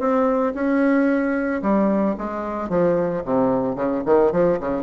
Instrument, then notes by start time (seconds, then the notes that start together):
bassoon
0.00 C4
0.55 C#4
1.62 G3
2.18 G#3
2.70 F3
3.25 C3
3.76 C#3
4.06 D#3
4.32 F3
4.60 C#3